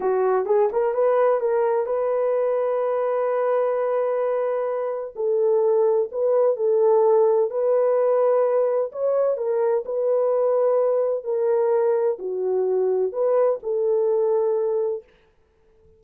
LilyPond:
\new Staff \with { instrumentName = "horn" } { \time 4/4 \tempo 4 = 128 fis'4 gis'8 ais'8 b'4 ais'4 | b'1~ | b'2. a'4~ | a'4 b'4 a'2 |
b'2. cis''4 | ais'4 b'2. | ais'2 fis'2 | b'4 a'2. | }